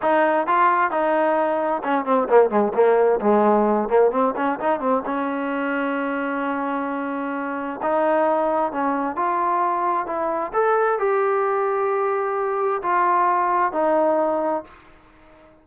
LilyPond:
\new Staff \with { instrumentName = "trombone" } { \time 4/4 \tempo 4 = 131 dis'4 f'4 dis'2 | cis'8 c'8 ais8 gis8 ais4 gis4~ | gis8 ais8 c'8 cis'8 dis'8 c'8 cis'4~ | cis'1~ |
cis'4 dis'2 cis'4 | f'2 e'4 a'4 | g'1 | f'2 dis'2 | }